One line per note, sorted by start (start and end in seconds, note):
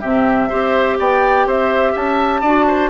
0.00 0.52 C3
0.00 0.50 C4
0.00 0.48 G4
0.00 0.97 E5
0.49 0.99 C4
0.49 2.44 G4
0.49 0.97 C5
0.99 1.46 B3
0.99 1.47 D5
0.99 1.48 G5
1.46 1.95 C4
1.46 1.93 C5
1.46 1.96 E5
1.93 2.42 C#4
1.93 2.41 E5
1.93 2.90 A5
2.41 2.90 D4
2.41 2.90 F#4
2.41 2.65 D5
2.67 2.90 C5